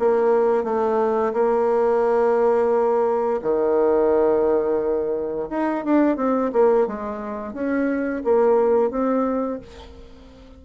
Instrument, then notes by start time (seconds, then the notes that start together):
bassoon
0.00 A#3
0.64 A3
1.34 A#3
3.42 D#3
5.50 D#4
5.85 D4
6.17 C4
6.53 A#3
6.87 G#3
7.54 C#4
8.25 A#3
8.91 C4